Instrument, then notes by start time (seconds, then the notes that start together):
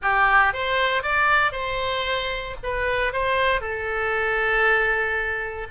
oboe
0.01 G4
0.53 C5
1.02 D5
1.52 C5
2.63 B4
3.12 C5
3.60 A4